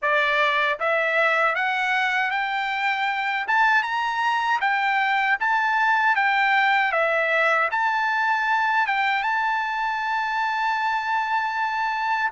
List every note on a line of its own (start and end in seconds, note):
0.02 0.79 D5
0.79 1.55 E5
1.55 2.30 F#5
2.30 3.46 G5
3.47 3.83 A5
3.83 4.59 A#5
4.60 5.37 G5
5.40 6.15 A5
6.15 6.92 G5
6.92 7.69 E5
7.71 8.86 A5
8.87 9.23 G5
9.23 12.30 A5